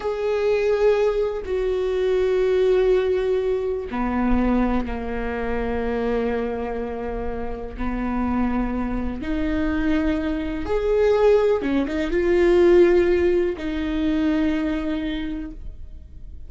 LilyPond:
\new Staff \with { instrumentName = "viola" } { \time 4/4 \tempo 4 = 124 gis'2. fis'4~ | fis'1 | b2 ais2~ | ais1 |
b2. dis'4~ | dis'2 gis'2 | cis'8 dis'8 f'2. | dis'1 | }